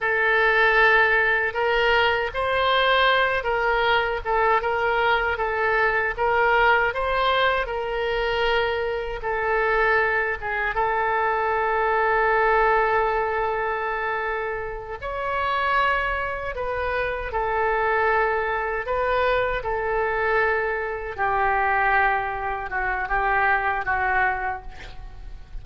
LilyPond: \new Staff \with { instrumentName = "oboe" } { \time 4/4 \tempo 4 = 78 a'2 ais'4 c''4~ | c''8 ais'4 a'8 ais'4 a'4 | ais'4 c''4 ais'2 | a'4. gis'8 a'2~ |
a'2.~ a'8 cis''8~ | cis''4. b'4 a'4.~ | a'8 b'4 a'2 g'8~ | g'4. fis'8 g'4 fis'4 | }